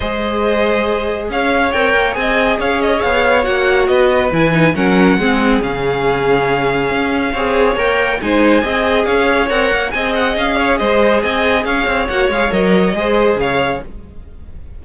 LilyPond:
<<
  \new Staff \with { instrumentName = "violin" } { \time 4/4 \tempo 4 = 139 dis''2. f''4 | g''4 gis''4 f''8 dis''8 f''4 | fis''4 dis''4 gis''4 fis''4~ | fis''4 f''2.~ |
f''2 g''4 gis''4~ | gis''4 f''4 fis''4 gis''8 fis''8 | f''4 dis''4 gis''4 f''4 | fis''8 f''8 dis''2 f''4 | }
  \new Staff \with { instrumentName = "violin" } { \time 4/4 c''2. cis''4~ | cis''4 dis''4 cis''2~ | cis''4 b'2 ais'4 | gis'1~ |
gis'4 cis''2 c''4 | dis''4 cis''2 dis''4~ | dis''8 cis''8 c''4 dis''4 cis''4~ | cis''2 c''4 cis''4 | }
  \new Staff \with { instrumentName = "viola" } { \time 4/4 gis'1 | ais'4 gis'2. | fis'2 e'8 dis'8 cis'4 | c'4 cis'2.~ |
cis'4 gis'4 ais'4 dis'4 | gis'2 ais'4 gis'4~ | gis'1 | fis'8 gis'8 ais'4 gis'2 | }
  \new Staff \with { instrumentName = "cello" } { \time 4/4 gis2. cis'4 | c'8 ais8 c'4 cis'4 b4 | ais4 b4 e4 fis4 | gis4 cis2. |
cis'4 c'4 ais4 gis4 | c'4 cis'4 c'8 ais8 c'4 | cis'4 gis4 c'4 cis'8 c'8 | ais8 gis8 fis4 gis4 cis4 | }
>>